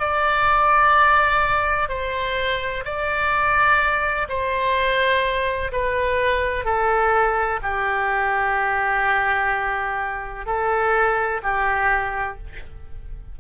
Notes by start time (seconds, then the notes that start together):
0.00 D5
1.89 C5
2.85 D5
4.29 C5
5.73 B4
6.65 A4
7.63 G4
10.46 A4
11.43 G4